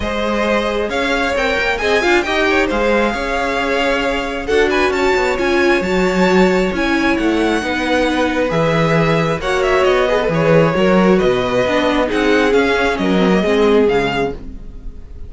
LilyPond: <<
  \new Staff \with { instrumentName = "violin" } { \time 4/4 \tempo 4 = 134 dis''2 f''4 g''4 | gis''4 g''4 f''2~ | f''2 fis''8 gis''8 a''4 | gis''4 a''2 gis''4 |
fis''2. e''4~ | e''4 fis''8 e''8 dis''4 cis''4~ | cis''4 dis''2 fis''4 | f''4 dis''2 f''4 | }
  \new Staff \with { instrumentName = "violin" } { \time 4/4 c''2 cis''2 | dis''8 f''8 dis''8 cis''8 c''4 cis''4~ | cis''2 a'8 b'8 cis''4~ | cis''1~ |
cis''4 b'2.~ | b'4 cis''4. b'4. | ais'4 b'2 gis'4~ | gis'4 ais'4 gis'2 | }
  \new Staff \with { instrumentName = "viola" } { \time 4/4 gis'2. ais'4 | gis'8 f'8 g'4 gis'2~ | gis'2 fis'2 | f'4 fis'2 e'4~ |
e'4 dis'2 gis'4~ | gis'4 fis'4. gis'16 a'16 gis'4 | fis'2 d'4 dis'4 | cis'4. c'16 ais16 c'4 gis4 | }
  \new Staff \with { instrumentName = "cello" } { \time 4/4 gis2 cis'4 c'8 ais8 | c'8 d'8 dis'4 gis4 cis'4~ | cis'2 d'4 cis'8 b8 | cis'4 fis2 cis'4 |
a4 b2 e4~ | e4 ais4 b4 e4 | fis4 b,4 b4 c'4 | cis'4 fis4 gis4 cis4 | }
>>